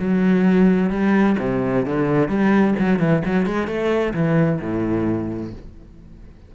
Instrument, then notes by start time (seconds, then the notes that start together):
cello
0.00 F#3
0.90 G3
1.40 C3
1.86 D3
2.29 G3
2.79 F#3
3.00 E3
3.26 F#3
3.46 G#3
3.67 A3
4.14 E3
4.61 A2